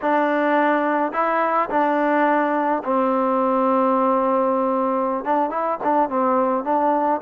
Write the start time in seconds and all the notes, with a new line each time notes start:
0.01 D4
1.12 E4
1.69 D4
2.84 C4
5.24 D4
5.50 E4
5.83 D4
6.09 C4
6.64 D4